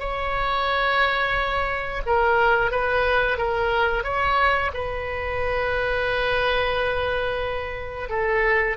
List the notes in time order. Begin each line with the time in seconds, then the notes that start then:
0.00 C#5
2.07 A#4
2.72 B4
3.38 A#4
4.04 C#5
4.74 B4
8.10 A4